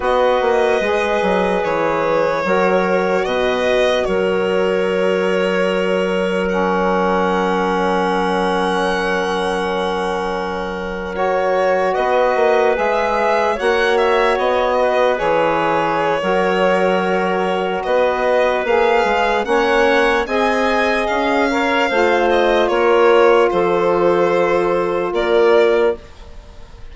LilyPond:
<<
  \new Staff \with { instrumentName = "violin" } { \time 4/4 \tempo 4 = 74 dis''2 cis''2 | dis''4 cis''2. | fis''1~ | fis''4.~ fis''16 cis''4 dis''4 e''16~ |
e''8. fis''8 e''8 dis''4 cis''4~ cis''16~ | cis''2 dis''4 f''4 | fis''4 gis''4 f''4. dis''8 | cis''4 c''2 d''4 | }
  \new Staff \with { instrumentName = "clarinet" } { \time 4/4 b'2. ais'4 | b'4 ais'2.~ | ais'1~ | ais'2~ ais'8. b'4~ b'16~ |
b'8. cis''4. b'4.~ b'16 | ais'2 b'2 | cis''4 dis''4. cis''8 c''4 | ais'4 a'2 ais'4 | }
  \new Staff \with { instrumentName = "saxophone" } { \time 4/4 fis'4 gis'2 fis'4~ | fis'1 | cis'1~ | cis'4.~ cis'16 fis'2 gis'16~ |
gis'8. fis'2 gis'4~ gis'16 | fis'2. gis'4 | cis'4 gis'4. ais'8 f'4~ | f'1 | }
  \new Staff \with { instrumentName = "bassoon" } { \time 4/4 b8 ais8 gis8 fis8 e4 fis4 | b,4 fis2.~ | fis1~ | fis2~ fis8. b8 ais8 gis16~ |
gis8. ais4 b4 e4~ e16 | fis2 b4 ais8 gis8 | ais4 c'4 cis'4 a4 | ais4 f2 ais4 | }
>>